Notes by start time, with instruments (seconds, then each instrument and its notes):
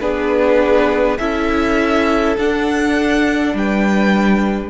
0.00 cello B3, viola D4, violin G#4 B4
1.18 cello C#4, viola E4, violin A4 E5
2.37 cello D4, viola D4, violin F#5
3.54 cello G3, violin B4 G5